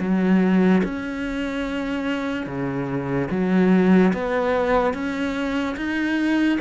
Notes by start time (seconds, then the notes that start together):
0.00 F#3
0.84 C#4
2.46 C#3
3.31 F#3
4.14 B3
4.94 C#4
5.76 D#4